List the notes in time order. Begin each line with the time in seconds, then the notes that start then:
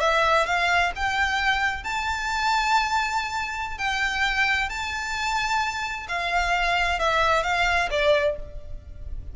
0.00 E5
0.46 F5
0.96 G5
1.83 A5
3.78 G5
4.69 A5
6.08 F5
6.99 E5
7.43 F5
7.90 D5